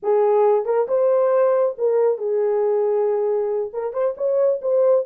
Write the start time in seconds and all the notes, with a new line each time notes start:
0.02 G#4
0.65 A#4
0.88 C5
1.78 A#4
2.18 G#4
3.73 A#4
3.93 C5
4.17 C#5
4.61 C5